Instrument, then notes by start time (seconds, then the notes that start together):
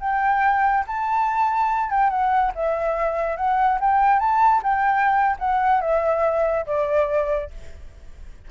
flute
0.00 G5
0.87 A5
1.90 G5
2.10 F#5
2.55 E5
3.37 F#5
3.80 G5
4.20 A5
4.63 G5
5.39 F#5
5.81 E5
6.66 D5